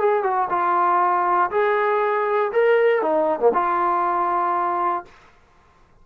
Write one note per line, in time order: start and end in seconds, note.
0.00 0.24 G#4
0.24 0.49 F#4
0.50 1.51 F4
1.51 2.52 G#4
2.53 3.03 A#4
3.03 3.40 D#4
3.40 3.52 A#3
3.54 5.05 F4